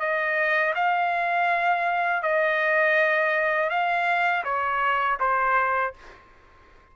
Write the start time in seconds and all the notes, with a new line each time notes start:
0.00 D#5
0.75 F5
2.23 D#5
3.70 F5
4.44 C#5
5.20 C5